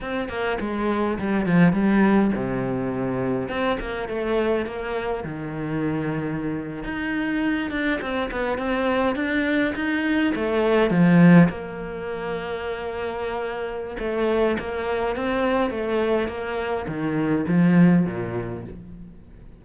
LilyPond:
\new Staff \with { instrumentName = "cello" } { \time 4/4 \tempo 4 = 103 c'8 ais8 gis4 g8 f8 g4 | c2 c'8 ais8 a4 | ais4 dis2~ dis8. dis'16~ | dis'4~ dis'16 d'8 c'8 b8 c'4 d'16~ |
d'8. dis'4 a4 f4 ais16~ | ais1 | a4 ais4 c'4 a4 | ais4 dis4 f4 ais,4 | }